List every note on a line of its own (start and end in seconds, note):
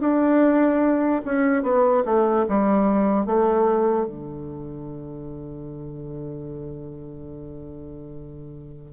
0.00 1.22 D4
1.25 1.63 C#4
1.63 2.03 B3
2.05 2.46 A3
2.49 3.26 G3
3.26 4.07 A3
4.07 8.93 D3